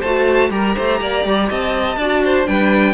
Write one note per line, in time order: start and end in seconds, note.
0.00 0.50 A3
0.00 0.51 F#4
0.00 0.49 C5
0.00 0.51 A5
0.50 0.75 G3
0.50 1.98 G4
0.50 0.75 A#4
0.50 1.49 A#5
0.75 1.01 A3
0.75 1.00 C5
1.01 1.25 A#3
1.01 1.49 D5
1.25 1.50 G3
1.49 1.97 C4
1.49 1.98 D#5
1.49 2.47 A5
1.97 2.46 D4
1.97 2.45 F#4
1.97 2.23 D5
2.24 2.48 C5
2.45 2.94 G3
2.45 2.94 D4
2.45 2.94 B4
2.45 2.94 G5